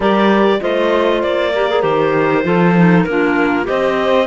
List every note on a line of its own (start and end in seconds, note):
0.00 0.60 G3
0.00 0.60 G4
0.00 0.57 A#4
0.00 0.62 D5
0.60 1.23 A3
0.60 1.52 F4
0.60 1.52 C5
0.60 1.22 D#5
1.22 1.83 A#3
1.22 1.82 D5
1.52 1.69 G4
1.52 2.44 A#4
1.69 1.82 G#4
1.82 2.44 D#3
1.82 2.43 G4
1.82 3.04 C5
2.43 3.05 F3
2.43 2.74 F4
2.43 3.05 A4
2.77 3.07 D#4
3.04 3.67 A#3
3.04 3.63 D4
3.04 3.68 F4
3.04 3.65 A#4
3.63 4.27 C4
3.63 4.24 G4
3.63 4.27 C5
3.63 4.27 D#5